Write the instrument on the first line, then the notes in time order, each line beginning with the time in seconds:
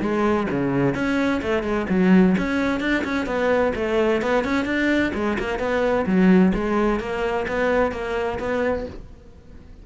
cello
0.00 G#3
0.50 C#3
0.94 C#4
1.41 A3
1.63 G#3
1.89 F#3
2.37 C#4
2.80 D4
3.04 C#4
3.26 B3
3.75 A3
4.21 B3
4.44 C#4
4.65 D4
5.14 G#3
5.39 A#3
5.59 B3
6.06 F#3
6.54 G#3
6.99 A#3
7.47 B3
7.92 A#3
8.39 B3